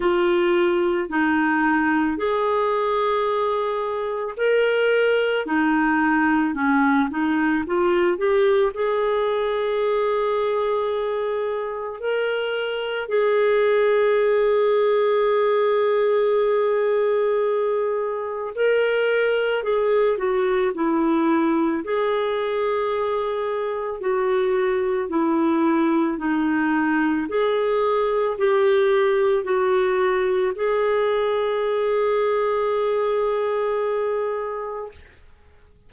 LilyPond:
\new Staff \with { instrumentName = "clarinet" } { \time 4/4 \tempo 4 = 55 f'4 dis'4 gis'2 | ais'4 dis'4 cis'8 dis'8 f'8 g'8 | gis'2. ais'4 | gis'1~ |
gis'4 ais'4 gis'8 fis'8 e'4 | gis'2 fis'4 e'4 | dis'4 gis'4 g'4 fis'4 | gis'1 | }